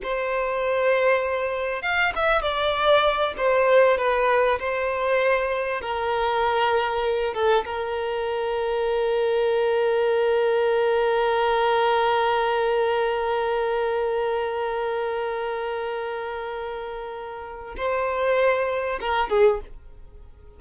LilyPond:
\new Staff \with { instrumentName = "violin" } { \time 4/4 \tempo 4 = 98 c''2. f''8 e''8 | d''4. c''4 b'4 c''8~ | c''4. ais'2~ ais'8 | a'8 ais'2.~ ais'8~ |
ais'1~ | ais'1~ | ais'1~ | ais'4 c''2 ais'8 gis'8 | }